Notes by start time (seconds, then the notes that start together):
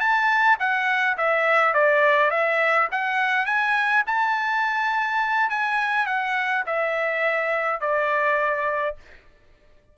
0.00 A5
0.60 F#5
1.17 E5
1.74 D5
2.31 E5
2.92 F#5
3.46 G#5
4.07 A5
5.50 G#5
6.07 F#5
6.67 E5
7.81 D5